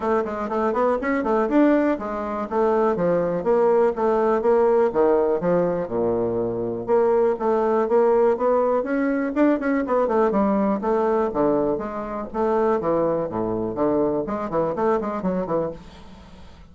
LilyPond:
\new Staff \with { instrumentName = "bassoon" } { \time 4/4 \tempo 4 = 122 a8 gis8 a8 b8 cis'8 a8 d'4 | gis4 a4 f4 ais4 | a4 ais4 dis4 f4 | ais,2 ais4 a4 |
ais4 b4 cis'4 d'8 cis'8 | b8 a8 g4 a4 d4 | gis4 a4 e4 a,4 | d4 gis8 e8 a8 gis8 fis8 e8 | }